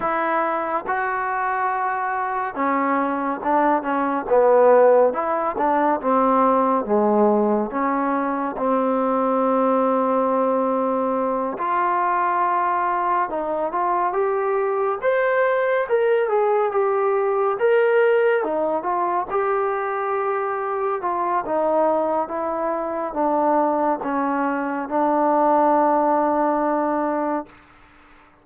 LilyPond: \new Staff \with { instrumentName = "trombone" } { \time 4/4 \tempo 4 = 70 e'4 fis'2 cis'4 | d'8 cis'8 b4 e'8 d'8 c'4 | gis4 cis'4 c'2~ | c'4. f'2 dis'8 |
f'8 g'4 c''4 ais'8 gis'8 g'8~ | g'8 ais'4 dis'8 f'8 g'4.~ | g'8 f'8 dis'4 e'4 d'4 | cis'4 d'2. | }